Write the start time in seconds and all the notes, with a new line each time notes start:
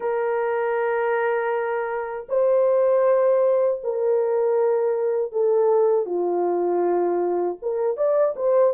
0.00 A#4
2.28 C5
3.83 A#4
5.32 A4
6.06 F4
7.62 A#4
7.96 D5
8.36 C5